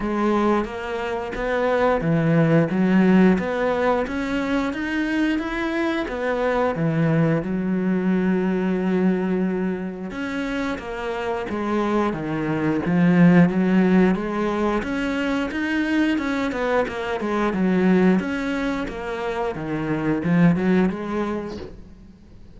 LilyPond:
\new Staff \with { instrumentName = "cello" } { \time 4/4 \tempo 4 = 89 gis4 ais4 b4 e4 | fis4 b4 cis'4 dis'4 | e'4 b4 e4 fis4~ | fis2. cis'4 |
ais4 gis4 dis4 f4 | fis4 gis4 cis'4 dis'4 | cis'8 b8 ais8 gis8 fis4 cis'4 | ais4 dis4 f8 fis8 gis4 | }